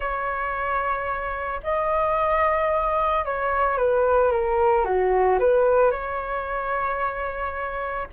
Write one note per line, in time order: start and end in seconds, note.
0.00 1.60 C#5
1.63 3.25 D#5
3.25 3.77 C#5
3.77 4.31 B4
4.31 4.84 A#4
4.84 5.38 F#4
5.39 5.91 B4
5.91 8.07 C#5